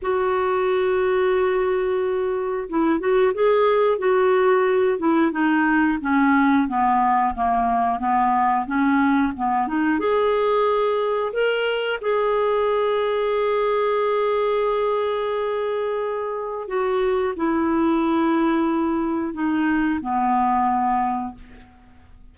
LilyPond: \new Staff \with { instrumentName = "clarinet" } { \time 4/4 \tempo 4 = 90 fis'1 | e'8 fis'8 gis'4 fis'4. e'8 | dis'4 cis'4 b4 ais4 | b4 cis'4 b8 dis'8 gis'4~ |
gis'4 ais'4 gis'2~ | gis'1~ | gis'4 fis'4 e'2~ | e'4 dis'4 b2 | }